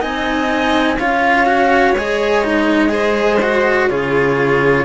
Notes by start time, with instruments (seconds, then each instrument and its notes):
0.00 cello C4 D#4, violin D#5, flute G#5
0.98 cello C#4 F4, violin C#5, flute F5
1.45 cello F#4
1.95 cello G#3 G#4, flute D#5
2.44 cello D#4
2.89 cello G#4, violin C5
3.42 cello F#4
3.89 cello C#3 F4, violin G#4, flute C#5